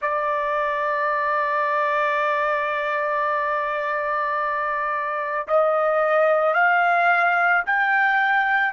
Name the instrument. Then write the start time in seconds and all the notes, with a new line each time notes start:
trumpet
0.01 D5
5.47 D#5
6.54 F5
7.66 G5